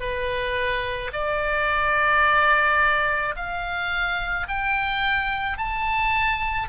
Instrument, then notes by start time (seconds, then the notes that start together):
oboe
0.00 B4
1.13 D5
3.36 F5
4.48 G5
5.58 A5